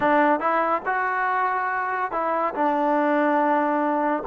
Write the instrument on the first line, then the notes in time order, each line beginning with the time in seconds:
trombone
0.00 D4
0.39 E4
0.85 F#4
2.11 E4
2.54 D4